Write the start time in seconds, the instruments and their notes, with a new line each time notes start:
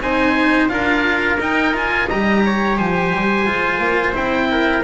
0.00 double bass C4, cello D#4, trumpet C5, oboe G#5
0.69 double bass D4, cello F4, trumpet A#4, oboe F5
1.39 double bass D#4, cello D#4, oboe G5
1.74 cello F4, oboe G#5
2.07 double bass G3, cello G4, trumpet D#5, oboe A#5
2.45 trumpet C#5
2.78 double bass F3, trumpet C5, oboe G#5
3.13 double bass G3
3.46 double bass G#3, cello F4
3.79 double bass A#3
4.13 double bass C4, cello E4, oboe G5
4.52 trumpet A#4